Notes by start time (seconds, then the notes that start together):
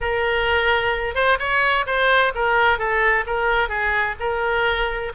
0.01 A#4
1.14 C5
1.39 C#5
1.86 C5
2.35 A#4
2.78 A4
3.26 A#4
3.68 G#4
4.19 A#4